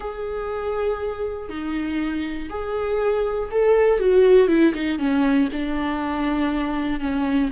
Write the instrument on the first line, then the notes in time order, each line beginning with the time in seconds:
viola
0.00 G#4
1.49 D#4
2.49 G#4
3.51 A4
3.99 F#4
4.48 E4
4.74 D#4
4.98 C#4
5.52 D4
7.00 C#4